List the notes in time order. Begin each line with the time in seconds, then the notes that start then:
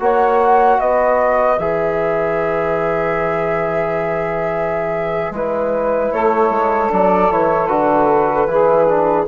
0.00 A#3 F#4 C#5 F#5
0.79 B3 B4 D#5
1.59 E3 G#4 E5
5.31 G#3 E4 B4
6.12 A3 A4 C#5
6.50 G#3
6.89 F#3 D4 D5
7.31 E3 E4 C#5
7.67 D3 F#4 B4
8.47 E3 E4 G#4
8.88 D4